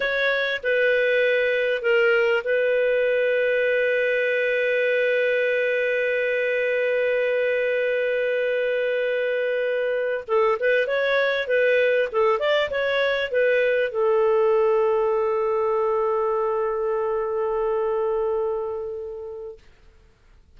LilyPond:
\new Staff \with { instrumentName = "clarinet" } { \time 4/4 \tempo 4 = 98 cis''4 b'2 ais'4 | b'1~ | b'1~ | b'1~ |
b'8. a'8 b'8 cis''4 b'4 a'16~ | a'16 d''8 cis''4 b'4 a'4~ a'16~ | a'1~ | a'1 | }